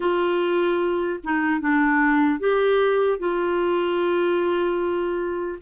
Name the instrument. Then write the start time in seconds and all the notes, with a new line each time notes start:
clarinet
0.00 F4
1.23 D#4
1.60 D4
2.39 G4
3.18 F4